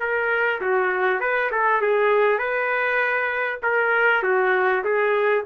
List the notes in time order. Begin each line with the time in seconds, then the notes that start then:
0.00 A#4
0.61 F#4
1.20 B4
1.52 A4
1.81 G#4
2.39 B4
3.63 A#4
4.23 F#4
4.84 G#4